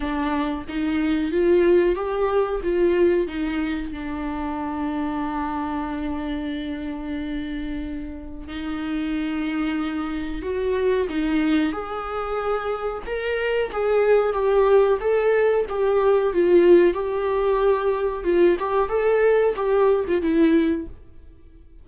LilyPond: \new Staff \with { instrumentName = "viola" } { \time 4/4 \tempo 4 = 92 d'4 dis'4 f'4 g'4 | f'4 dis'4 d'2~ | d'1~ | d'4 dis'2. |
fis'4 dis'4 gis'2 | ais'4 gis'4 g'4 a'4 | g'4 f'4 g'2 | f'8 g'8 a'4 g'8. f'16 e'4 | }